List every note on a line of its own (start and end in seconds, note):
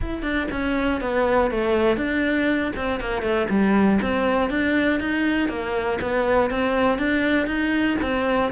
0.01 0.22 E4
0.22 0.47 D4
0.51 1.00 C#4
1.00 1.50 B3
1.50 1.97 A3
1.97 2.72 D4
2.75 3.00 C4
3.00 3.22 A#3
3.22 3.47 A3
3.49 3.99 G3
4.01 4.50 C4
4.50 5.00 D4
5.00 5.48 D#4
5.48 5.98 A#3
6.01 6.50 B3
6.50 6.98 C4
6.98 7.46 D4
7.46 7.96 D#4
8.02 8.52 C4